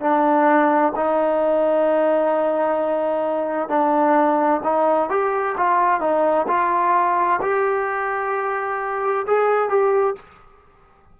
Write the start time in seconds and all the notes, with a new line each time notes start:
0.00 D4
0.95 D#4
3.68 D4
4.63 D#4
5.09 G4
5.57 F4
6.00 D#4
6.47 F4
7.41 G4
9.26 G#4
9.69 G4